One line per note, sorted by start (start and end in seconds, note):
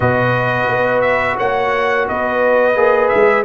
0.00 0.68 B2
0.00 2.74 F#4
0.00 1.37 B4
0.00 1.01 D#5
0.68 1.37 B3
1.01 1.35 E5
1.37 2.09 A#3
1.37 2.06 C#5
1.37 2.07 F#5
2.08 2.76 B3
2.08 3.45 B4
2.08 3.08 D#5
2.75 3.11 A#3
2.75 3.44 G#4
3.08 3.42 E5
3.14 3.45 G#3